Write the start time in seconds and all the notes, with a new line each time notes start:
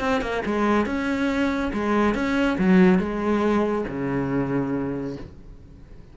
0.00 C4
0.21 A#3
0.46 G#3
0.86 C#4
1.73 G#3
2.15 C#4
2.58 F#3
2.99 G#3
3.88 C#3